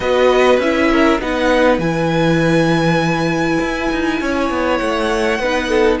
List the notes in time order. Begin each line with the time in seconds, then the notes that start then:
0.00 B3 F#4 B4 D#5
0.58 C#4 E4 E5
0.91 A#4
1.20 B3 D#4 B4 F#5
1.78 E3 E4 G#5
3.60 E4
3.91 D#4
4.20 C#4 C#5
4.50 B3
4.77 A3 F#5
5.39 B3 D#4 B4
5.69 A4